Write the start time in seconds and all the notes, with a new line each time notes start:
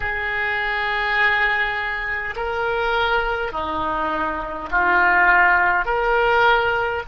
0.00 G#4
2.35 A#4
3.52 D#4
4.71 F4
5.85 A#4